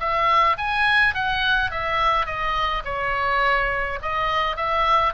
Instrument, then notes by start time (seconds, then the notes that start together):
oboe
0.00 E5
0.58 G#5
1.15 F#5
1.71 E5
2.26 D#5
2.85 C#5
4.02 D#5
4.57 E5